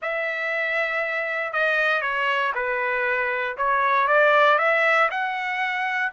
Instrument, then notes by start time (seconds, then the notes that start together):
trumpet
0.02 E5
1.52 D#5
2.01 C#5
2.54 B4
3.57 C#5
4.07 D5
4.58 E5
5.11 F#5